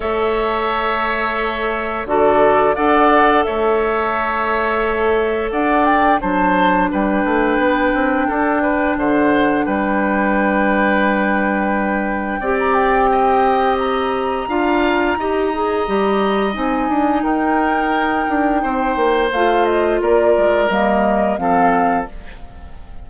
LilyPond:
<<
  \new Staff \with { instrumentName = "flute" } { \time 4/4 \tempo 4 = 87 e''2. d''4 | fis''4 e''2. | fis''8 g''8 a''4 g''2~ | g''4 fis''4 g''2~ |
g''2~ g''16 ais''16 g''4. | ais''1 | gis''4 g''2. | f''8 dis''8 d''4 dis''4 f''4 | }
  \new Staff \with { instrumentName = "oboe" } { \time 4/4 cis''2. a'4 | d''4 cis''2. | d''4 c''4 b'2 | a'8 b'8 c''4 b'2~ |
b'2 d''4 dis''4~ | dis''4 f''4 dis''2~ | dis''4 ais'2 c''4~ | c''4 ais'2 a'4 | }
  \new Staff \with { instrumentName = "clarinet" } { \time 4/4 a'2. fis'4 | a'1~ | a'4 d'2.~ | d'1~ |
d'2 g'2~ | g'4 f'4 g'8 gis'8 g'4 | dis'1 | f'2 ais4 c'4 | }
  \new Staff \with { instrumentName = "bassoon" } { \time 4/4 a2. d4 | d'4 a2. | d'4 fis4 g8 a8 b8 c'8 | d'4 d4 g2~ |
g2 c'2~ | c'4 d'4 dis'4 g4 | c'8 d'8 dis'4. d'8 c'8 ais8 | a4 ais8 gis8 g4 f4 | }
>>